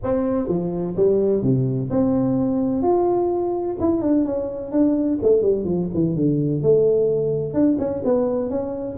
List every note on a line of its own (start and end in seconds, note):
0.03 0.47 C4
0.47 0.95 F3
0.96 1.42 G3
1.42 1.89 C3
1.90 2.82 C4
2.82 3.76 F4
3.79 4.01 E4
4.01 4.25 D4
4.25 4.71 C#4
4.71 5.18 D4
5.22 5.41 A3
5.41 5.64 G3
5.64 5.88 F3
5.94 6.15 E3
6.15 6.62 D3
6.62 7.53 A3
7.53 7.77 D4
7.78 8.02 C#4
8.04 8.50 B3
8.50 8.97 C#4